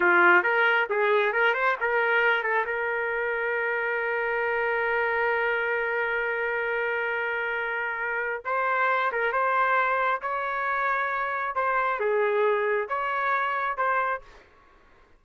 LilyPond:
\new Staff \with { instrumentName = "trumpet" } { \time 4/4 \tempo 4 = 135 f'4 ais'4 gis'4 ais'8 c''8 | ais'4. a'8 ais'2~ | ais'1~ | ais'1~ |
ais'2. c''4~ | c''8 ais'8 c''2 cis''4~ | cis''2 c''4 gis'4~ | gis'4 cis''2 c''4 | }